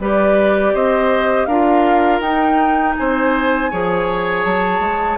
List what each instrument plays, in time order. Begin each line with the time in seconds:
0.00 bassoon G3, clarinet G4, oboe B4, flute D5
0.74 bassoon C4, oboe C5, flute D#5
1.46 bassoon D4, clarinet F4, oboe A#4, flute F5
2.21 bassoon D#4, clarinet D#4, flute G5
2.97 bassoon C4, oboe C5, flute G#5
3.71 bassoon F3, clarinet G#4, oboe C#5
4.44 bassoon F#3, flute A5
4.80 bassoon G#3